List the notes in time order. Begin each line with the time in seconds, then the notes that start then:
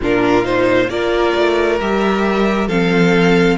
0.01 A#2 D4 F4 A#4
0.43 D#4 C5
0.89 A#3 F4 A#4 D5
1.35 A3
1.80 G3 G4 E5
2.67 F3 C4 A4 F5